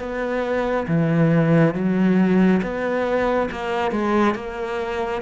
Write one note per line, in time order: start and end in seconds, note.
0.00 0.87 B3
0.88 1.75 E3
1.75 2.62 F#3
2.63 3.50 B3
3.52 3.92 A#3
3.92 4.35 G#3
4.35 5.22 A#3